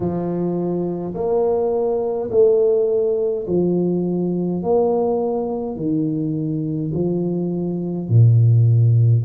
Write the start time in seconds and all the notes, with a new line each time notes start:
0.00 F3
1.14 A#3
2.31 A3
3.47 F3
4.62 A#3
5.75 D#3
6.93 F3
8.08 A#2